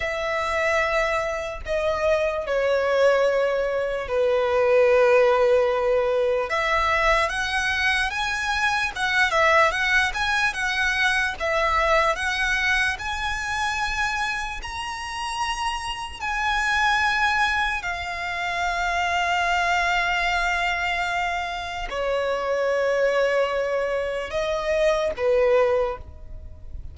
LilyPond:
\new Staff \with { instrumentName = "violin" } { \time 4/4 \tempo 4 = 74 e''2 dis''4 cis''4~ | cis''4 b'2. | e''4 fis''4 gis''4 fis''8 e''8 | fis''8 gis''8 fis''4 e''4 fis''4 |
gis''2 ais''2 | gis''2 f''2~ | f''2. cis''4~ | cis''2 dis''4 b'4 | }